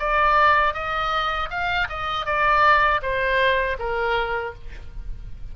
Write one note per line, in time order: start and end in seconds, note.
0.00 0.74 D5
0.74 1.49 D#5
1.51 1.88 F5
1.89 2.26 D#5
2.26 3.01 D5
3.02 3.77 C5
3.79 4.54 A#4